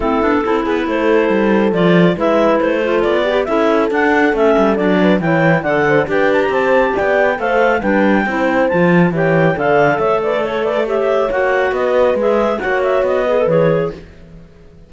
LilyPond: <<
  \new Staff \with { instrumentName = "clarinet" } { \time 4/4 \tempo 4 = 138 a'4. b'8 c''2 | d''4 e''4 c''4 d''4 | e''4 fis''4 e''4 d''4 | g''4 fis''4 g''8 a''16 ais''16 a''4 |
g''4 f''4 g''2 | a''4 g''4 f''4 e''8 d''8 | cis''8 d''8 e''4 fis''4 dis''4 | e''4 fis''8 e''8 dis''4 cis''4 | }
  \new Staff \with { instrumentName = "horn" } { \time 4/4 e'4 a'8 gis'8 a'2~ | a'4 b'4. a'4 g'8 | a'2.~ a'8 b'8 | cis''4 d''8 c''8 b'4 c''4 |
d''4 c''4 b'4 c''4~ | c''4 cis''4 d''4 cis''8 b'8 | a'8 b'8 cis''2 b'4~ | b'4 cis''4. b'4. | }
  \new Staff \with { instrumentName = "clarinet" } { \time 4/4 c'8 d'8 e'2. | f'4 e'4. f'4 g'8 | e'4 d'4 cis'4 d'4 | e'4 a'4 g'2~ |
g'4 a'4 d'4 e'4 | f'4 g'4 a'2~ | a'4 g'4 fis'2 | gis'4 fis'4. gis'16 a'16 gis'4 | }
  \new Staff \with { instrumentName = "cello" } { \time 4/4 a8 b8 c'8 b8 a4 g4 | f4 gis4 a4 b4 | cis'4 d'4 a8 g8 fis4 | e4 d4 d'4 c'4 |
b4 a4 g4 c'4 | f4 e4 d4 a4~ | a2 ais4 b4 | gis4 ais4 b4 e4 | }
>>